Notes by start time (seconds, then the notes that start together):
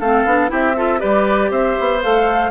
0.00 A3 C4 A4 F5
0.26 B3 D4
0.49 C4 E4 G4 E5
0.77 F4 A4
0.99 G3 G4 B4 D5
1.51 C4 C5 E5
1.80 B3
2.02 A3 A4 F5